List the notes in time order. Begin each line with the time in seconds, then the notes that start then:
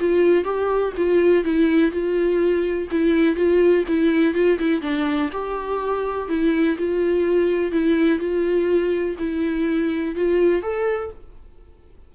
0.00 F4
0.44 G4
0.97 F4
1.44 E4
1.91 F4
2.91 E4
3.36 F4
3.88 E4
4.34 F4
4.59 E4
4.81 D4
5.32 G4
6.29 E4
6.78 F4
7.72 E4
8.19 F4
9.19 E4
10.15 F4
10.62 A4